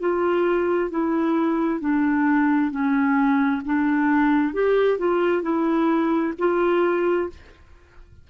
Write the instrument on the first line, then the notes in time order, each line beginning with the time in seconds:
clarinet
0.00 F4
0.90 E4
1.80 D4
2.71 C#4
3.65 D4
4.54 G4
4.98 F4
5.42 E4
6.38 F4